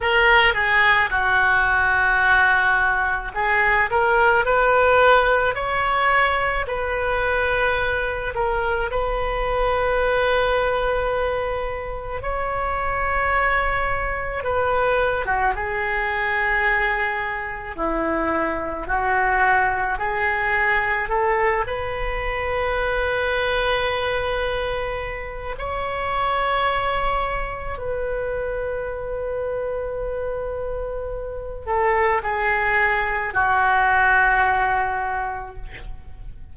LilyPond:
\new Staff \with { instrumentName = "oboe" } { \time 4/4 \tempo 4 = 54 ais'8 gis'8 fis'2 gis'8 ais'8 | b'4 cis''4 b'4. ais'8 | b'2. cis''4~ | cis''4 b'8. fis'16 gis'2 |
e'4 fis'4 gis'4 a'8 b'8~ | b'2. cis''4~ | cis''4 b'2.~ | b'8 a'8 gis'4 fis'2 | }